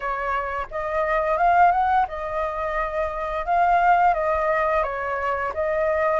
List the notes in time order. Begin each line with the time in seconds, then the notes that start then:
0.00 C#5
0.71 D#5
1.37 F5
1.71 F#5
2.08 D#5
3.45 F5
4.14 D#5
4.83 C#5
5.54 D#5